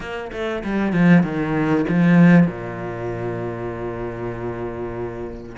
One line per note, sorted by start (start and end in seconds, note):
0.00 0.31 A#3
0.32 0.63 A3
0.64 0.93 G3
0.93 1.23 F3
1.23 1.85 D#3
1.88 2.47 F3
2.47 5.56 A#2